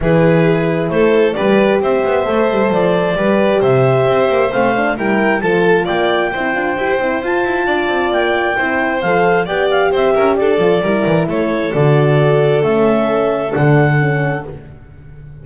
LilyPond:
<<
  \new Staff \with { instrumentName = "clarinet" } { \time 4/4 \tempo 4 = 133 b'2 c''4 d''4 | e''2 d''2 | e''2 f''4 g''4 | a''4 g''2. |
a''2 g''2 | f''4 g''8 f''8 e''4 d''4~ | d''4 cis''4 d''2 | e''2 fis''2 | }
  \new Staff \with { instrumentName = "violin" } { \time 4/4 gis'2 a'4 b'4 | c''2. b'4 | c''2. ais'4 | a'4 d''4 c''2~ |
c''4 d''2 c''4~ | c''4 d''4 c''8 ais'8 a'4 | ais'4 a'2.~ | a'1 | }
  \new Staff \with { instrumentName = "horn" } { \time 4/4 e'2. g'4~ | g'4 a'2 g'4~ | g'2 c'8 d'8 e'4 | f'2 e'8 f'8 g'8 e'8 |
f'2. e'4 | a'4 g'2~ g'8 f'8 | e'2 fis'2 | cis'2 d'4 cis'4 | }
  \new Staff \with { instrumentName = "double bass" } { \time 4/4 e2 a4 g4 | c'8 b8 a8 g8 f4 g4 | c4 c'8 ais8 a4 g4 | f4 ais4 c'8 d'8 e'8 c'8 |
f'8 e'8 d'8 c'8 ais4 c'4 | f4 b4 c'8 cis'8 d'8 f8 | g8 e8 a4 d2 | a2 d2 | }
>>